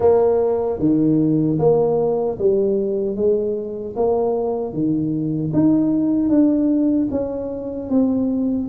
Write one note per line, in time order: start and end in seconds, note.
0.00 0.79 A#3
0.79 1.58 D#3
1.59 2.38 A#3
2.38 3.16 G3
3.16 3.95 G#3
3.95 4.73 A#3
4.73 5.52 D#3
5.53 6.29 D#4
6.29 7.08 D4
7.11 7.89 C#4
7.89 8.68 C4